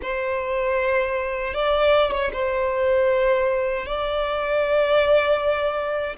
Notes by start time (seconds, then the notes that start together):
0.01 C5
1.53 D5
2.12 C#5
2.32 C5
3.85 D5